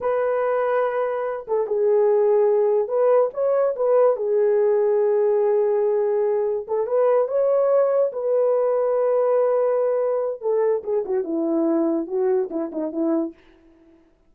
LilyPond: \new Staff \with { instrumentName = "horn" } { \time 4/4 \tempo 4 = 144 b'2.~ b'8 a'8 | gis'2. b'4 | cis''4 b'4 gis'2~ | gis'1 |
a'8 b'4 cis''2 b'8~ | b'1~ | b'4 a'4 gis'8 fis'8 e'4~ | e'4 fis'4 e'8 dis'8 e'4 | }